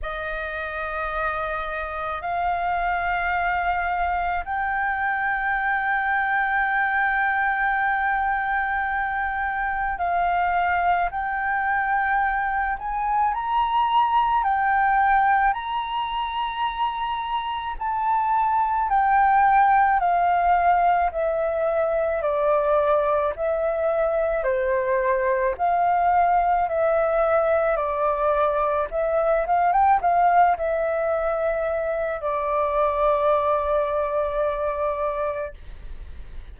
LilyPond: \new Staff \with { instrumentName = "flute" } { \time 4/4 \tempo 4 = 54 dis''2 f''2 | g''1~ | g''4 f''4 g''4. gis''8 | ais''4 g''4 ais''2 |
a''4 g''4 f''4 e''4 | d''4 e''4 c''4 f''4 | e''4 d''4 e''8 f''16 g''16 f''8 e''8~ | e''4 d''2. | }